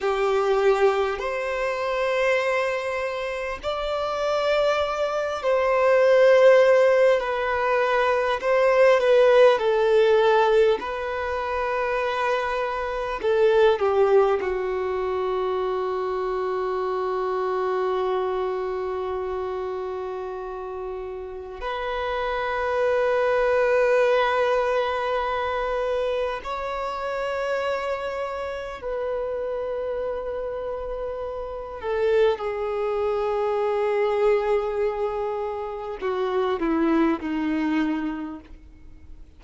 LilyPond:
\new Staff \with { instrumentName = "violin" } { \time 4/4 \tempo 4 = 50 g'4 c''2 d''4~ | d''8 c''4. b'4 c''8 b'8 | a'4 b'2 a'8 g'8 | fis'1~ |
fis'2 b'2~ | b'2 cis''2 | b'2~ b'8 a'8 gis'4~ | gis'2 fis'8 e'8 dis'4 | }